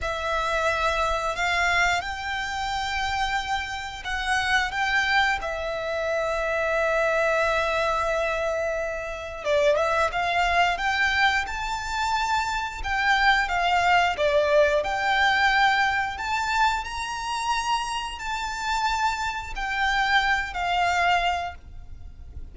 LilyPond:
\new Staff \with { instrumentName = "violin" } { \time 4/4 \tempo 4 = 89 e''2 f''4 g''4~ | g''2 fis''4 g''4 | e''1~ | e''2 d''8 e''8 f''4 |
g''4 a''2 g''4 | f''4 d''4 g''2 | a''4 ais''2 a''4~ | a''4 g''4. f''4. | }